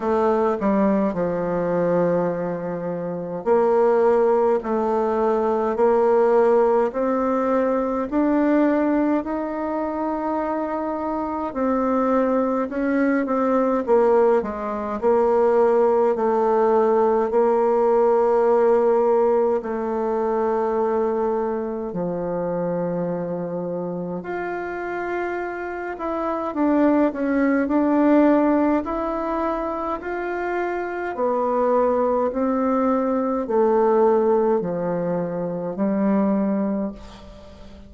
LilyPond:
\new Staff \with { instrumentName = "bassoon" } { \time 4/4 \tempo 4 = 52 a8 g8 f2 ais4 | a4 ais4 c'4 d'4 | dis'2 c'4 cis'8 c'8 | ais8 gis8 ais4 a4 ais4~ |
ais4 a2 f4~ | f4 f'4. e'8 d'8 cis'8 | d'4 e'4 f'4 b4 | c'4 a4 f4 g4 | }